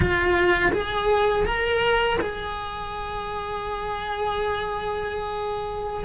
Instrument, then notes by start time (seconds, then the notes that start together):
cello
0.00 F4
0.72 G#4
1.45 A#4
2.21 G#4